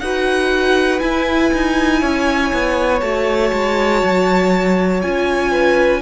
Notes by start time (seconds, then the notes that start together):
0.00 D#4 F#4 B4 F#5
1.00 E4 G#5
1.54 D#4
2.01 C#4 C#5
2.53 B3
3.01 A3 F#4 A5
3.53 G#3
4.04 F#3
5.02 C#4 F4 G#5
5.52 B4